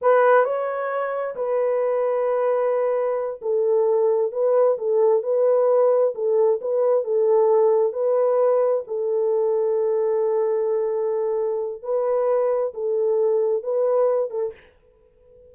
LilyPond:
\new Staff \with { instrumentName = "horn" } { \time 4/4 \tempo 4 = 132 b'4 cis''2 b'4~ | b'2.~ b'8 a'8~ | a'4. b'4 a'4 b'8~ | b'4. a'4 b'4 a'8~ |
a'4. b'2 a'8~ | a'1~ | a'2 b'2 | a'2 b'4. a'8 | }